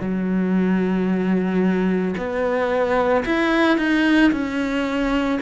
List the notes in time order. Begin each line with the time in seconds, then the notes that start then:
0.00 F#3
2.17 B3
3.25 E4
3.77 D#4
4.31 C#4